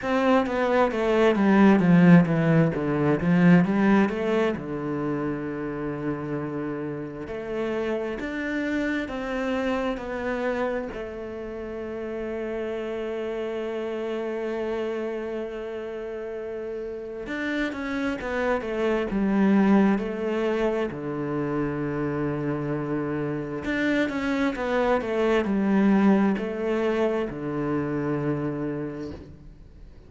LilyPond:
\new Staff \with { instrumentName = "cello" } { \time 4/4 \tempo 4 = 66 c'8 b8 a8 g8 f8 e8 d8 f8 | g8 a8 d2. | a4 d'4 c'4 b4 | a1~ |
a2. d'8 cis'8 | b8 a8 g4 a4 d4~ | d2 d'8 cis'8 b8 a8 | g4 a4 d2 | }